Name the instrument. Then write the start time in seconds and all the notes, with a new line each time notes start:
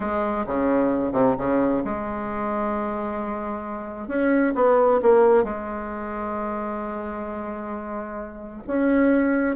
bassoon
0.00 G#3
0.46 C#3
1.12 C3
1.37 C#3
1.84 G#3
4.07 C#4
4.55 B3
5.02 A#3
5.44 G#3
8.67 C#4